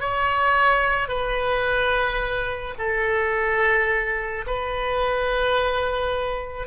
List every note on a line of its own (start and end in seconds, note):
0.00 1.08 C#5
1.08 2.75 B4
2.78 4.45 A4
4.46 6.67 B4